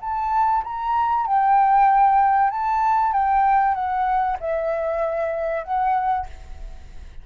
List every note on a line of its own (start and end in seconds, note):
0.00 0.62 A5
0.64 1.26 A#5
1.26 2.50 G5
2.50 3.12 A5
3.12 3.74 G5
3.74 4.37 F#5
4.40 5.63 E5
5.63 6.26 F#5